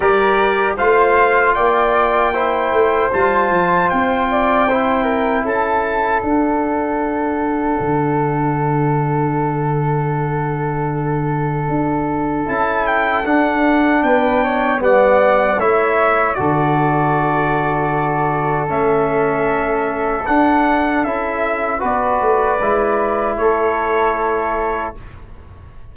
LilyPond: <<
  \new Staff \with { instrumentName = "trumpet" } { \time 4/4 \tempo 4 = 77 d''4 f''4 g''2 | a''4 g''2 a''4 | fis''1~ | fis''1 |
a''8 g''8 fis''4 g''4 fis''4 | e''4 d''2. | e''2 fis''4 e''4 | d''2 cis''2 | }
  \new Staff \with { instrumentName = "flute" } { \time 4/4 ais'4 c''4 d''4 c''4~ | c''4. d''8 c''8 ais'8 a'4~ | a'1~ | a'1~ |
a'2 b'8 cis''8 d''4 | cis''4 a'2.~ | a'1 | b'2 a'2 | }
  \new Staff \with { instrumentName = "trombone" } { \time 4/4 g'4 f'2 e'4 | f'2 e'2 | d'1~ | d'1 |
e'4 d'2 b4 | e'4 fis'2. | cis'2 d'4 e'4 | fis'4 e'2. | }
  \new Staff \with { instrumentName = "tuba" } { \time 4/4 g4 a4 ais4. a8 | g8 f8 c'2 cis'4 | d'2 d2~ | d2. d'4 |
cis'4 d'4 b4 g4 | a4 d2. | a2 d'4 cis'4 | b8 a8 gis4 a2 | }
>>